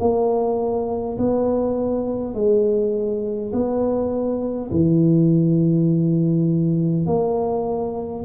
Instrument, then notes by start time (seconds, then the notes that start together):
tuba
0.00 A#3
1.18 B3
2.35 G#3
3.52 B3
4.71 E3
7.06 A#3